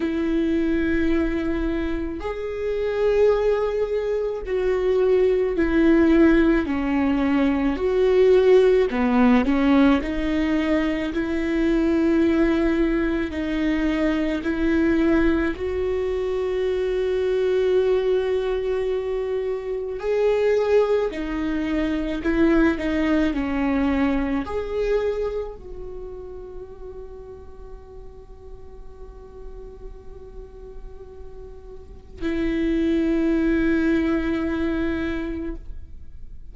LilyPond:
\new Staff \with { instrumentName = "viola" } { \time 4/4 \tempo 4 = 54 e'2 gis'2 | fis'4 e'4 cis'4 fis'4 | b8 cis'8 dis'4 e'2 | dis'4 e'4 fis'2~ |
fis'2 gis'4 dis'4 | e'8 dis'8 cis'4 gis'4 fis'4~ | fis'1~ | fis'4 e'2. | }